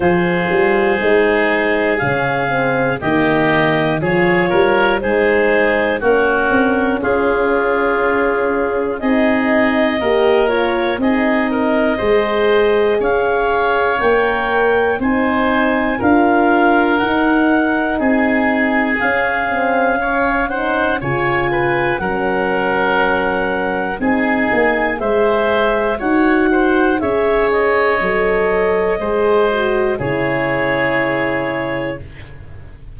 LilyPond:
<<
  \new Staff \with { instrumentName = "clarinet" } { \time 4/4 \tempo 4 = 60 c''2 f''4 dis''4 | cis''4 c''4 ais'4 gis'4~ | gis'4 dis''4. cis''8 dis''4~ | dis''4 f''4 g''4 gis''4 |
f''4 fis''4 gis''4 f''4~ | f''8 fis''8 gis''4 fis''2 | gis''4 e''4 fis''4 e''8 dis''8~ | dis''2 cis''2 | }
  \new Staff \with { instrumentName = "oboe" } { \time 4/4 gis'2. g'4 | gis'8 ais'8 gis'4 fis'4 f'4~ | f'4 gis'4 ais'4 gis'8 ais'8 | c''4 cis''2 c''4 |
ais'2 gis'2 | cis''8 c''8 cis''8 b'8 ais'2 | gis'4 c''4 cis''8 c''8 cis''4~ | cis''4 c''4 gis'2 | }
  \new Staff \with { instrumentName = "horn" } { \time 4/4 f'4 dis'4 cis'8 c'8 ais4 | f'4 dis'4 cis'2~ | cis'4 dis'4 g'8 f'8 dis'4 | gis'2 ais'4 dis'4 |
f'4 dis'2 cis'8 c'8 | cis'8 dis'8 f'4 cis'2 | dis'4 gis'4 fis'4 gis'4 | a'4 gis'8 fis'8 e'2 | }
  \new Staff \with { instrumentName = "tuba" } { \time 4/4 f8 g8 gis4 cis4 dis4 | f8 g8 gis4 ais8 c'8 cis'4~ | cis'4 c'4 ais4 c'4 | gis4 cis'4 ais4 c'4 |
d'4 dis'4 c'4 cis'4~ | cis'4 cis4 fis2 | c'8 ais8 gis4 dis'4 cis'4 | fis4 gis4 cis2 | }
>>